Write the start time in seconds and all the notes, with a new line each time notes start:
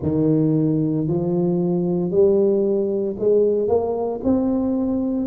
0.02 D#3
1.07 F3
2.11 G3
3.18 G#3
3.67 A#3
4.23 C4